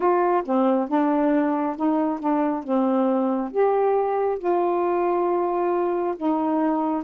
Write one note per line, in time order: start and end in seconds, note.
0.00 0.42 F4
0.45 0.88 C4
0.88 1.76 D4
1.76 2.19 D#4
2.19 2.63 D4
2.63 3.51 C4
3.51 4.38 G4
4.38 6.14 F4
6.16 7.03 D#4